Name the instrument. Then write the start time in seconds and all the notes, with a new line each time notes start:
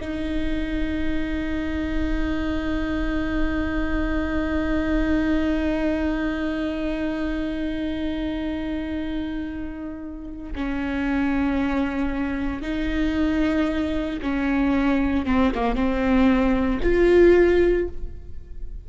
viola
0.00 D#4
10.55 C#4
12.61 D#4
14.22 C#4
15.25 C4
15.54 A#3
15.75 C4
16.82 F4